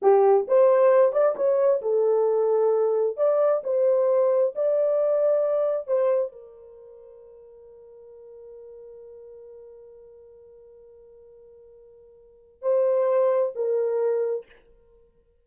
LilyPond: \new Staff \with { instrumentName = "horn" } { \time 4/4 \tempo 4 = 133 g'4 c''4. d''8 cis''4 | a'2. d''4 | c''2 d''2~ | d''4 c''4 ais'2~ |
ais'1~ | ais'1~ | ais'1 | c''2 ais'2 | }